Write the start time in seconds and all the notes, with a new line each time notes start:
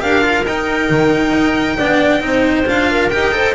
0.00 D4 G4 A#4 F5
0.21 F4
0.45 D#4 G5
0.90 D#3
1.33 D#4
1.77 B3 D4 D5
2.21 C4 D#4 C5
2.66 D4 F4 F5
2.91 A#4
3.10 D#4 G4 G5
3.32 A4 C5